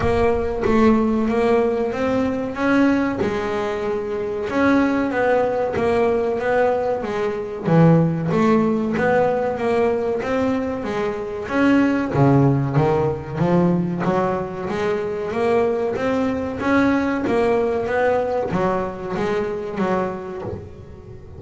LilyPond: \new Staff \with { instrumentName = "double bass" } { \time 4/4 \tempo 4 = 94 ais4 a4 ais4 c'4 | cis'4 gis2 cis'4 | b4 ais4 b4 gis4 | e4 a4 b4 ais4 |
c'4 gis4 cis'4 cis4 | dis4 f4 fis4 gis4 | ais4 c'4 cis'4 ais4 | b4 fis4 gis4 fis4 | }